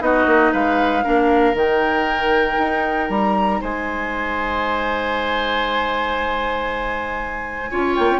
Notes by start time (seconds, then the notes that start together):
0.00 B3 D#4 F#4 D#5
0.26 A#3
0.52 G#3 B4 F5
1.04 A#3 D4 A#4
1.54 D#3 D#4 G5
2.58 D#4
3.10 G3 A#5
3.60 G#3 C5 G#5
7.71 C#4 F4 C#5
7.96 A#3 G5
8.10 C#4